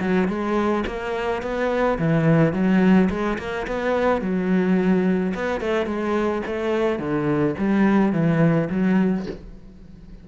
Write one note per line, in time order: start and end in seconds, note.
0.00 0.28 F#3
0.28 0.84 G#3
0.87 1.42 A#3
1.42 1.98 B3
1.99 2.53 E3
2.53 3.09 F#3
3.10 3.38 G#3
3.38 3.67 A#3
3.67 4.21 B3
4.21 5.33 F#3
5.35 5.61 B3
5.61 5.86 A3
5.86 6.42 G#3
6.46 6.99 A3
6.99 7.55 D3
7.58 8.13 G3
8.13 8.69 E3
8.70 9.26 F#3